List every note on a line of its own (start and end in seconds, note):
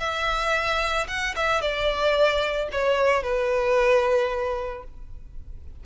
0.00 1.07 E5
1.08 1.35 F#5
1.36 1.62 E5
1.62 2.69 D5
2.72 3.23 C#5
3.23 4.84 B4